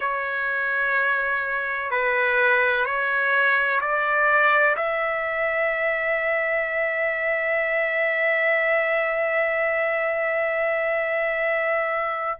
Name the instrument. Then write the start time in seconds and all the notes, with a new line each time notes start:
trumpet
0.00 C#5
1.90 B4
2.85 C#5
3.81 D5
4.76 E5